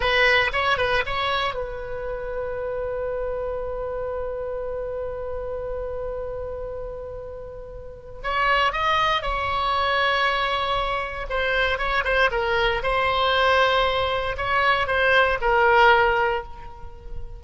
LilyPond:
\new Staff \with { instrumentName = "oboe" } { \time 4/4 \tempo 4 = 117 b'4 cis''8 b'8 cis''4 b'4~ | b'1~ | b'1~ | b'1 |
cis''4 dis''4 cis''2~ | cis''2 c''4 cis''8 c''8 | ais'4 c''2. | cis''4 c''4 ais'2 | }